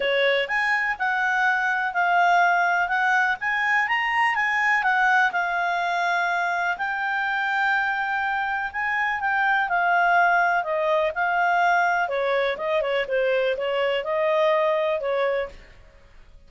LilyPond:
\new Staff \with { instrumentName = "clarinet" } { \time 4/4 \tempo 4 = 124 cis''4 gis''4 fis''2 | f''2 fis''4 gis''4 | ais''4 gis''4 fis''4 f''4~ | f''2 g''2~ |
g''2 gis''4 g''4 | f''2 dis''4 f''4~ | f''4 cis''4 dis''8 cis''8 c''4 | cis''4 dis''2 cis''4 | }